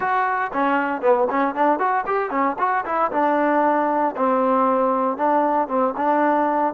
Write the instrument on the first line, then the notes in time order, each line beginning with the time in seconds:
trombone
0.00 F#4
0.53 C#4
1.01 B3
1.29 C#4
1.54 D4
1.79 F#4
2.06 G4
2.30 C#4
2.59 F#4
2.85 E4
3.11 D4
4.16 C4
5.17 D4
5.68 C4
5.96 D4